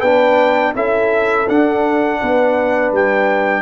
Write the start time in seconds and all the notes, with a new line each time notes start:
0.00 B3 D4 B4 G5
0.75 C#4 E4 A4 E5
1.49 D4 F#5
2.21 B3 B4
2.92 G3 G5